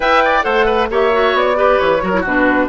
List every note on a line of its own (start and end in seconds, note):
0.00 0.44 E4
0.00 0.42 B4
0.00 0.23 E5
0.00 0.43 G5
0.24 0.44 D5
0.42 0.90 A3
0.42 0.87 A4
0.42 0.65 C5
0.42 0.87 F#5
0.65 0.88 B4
0.90 1.33 A#3
0.90 1.12 G4
0.90 1.57 C#5
0.90 1.37 E5
1.12 1.55 F#4
1.33 1.78 B3
1.33 1.79 D5
1.55 2.00 G4
1.55 2.02 B4
1.79 2.02 E3
1.79 2.24 C#5
2.01 2.25 F#3
2.01 2.12 F#4
2.01 2.21 A#4
2.12 2.24 E4
2.21 2.68 B2
2.21 2.68 D4
2.21 2.65 F#4
2.21 2.68 B4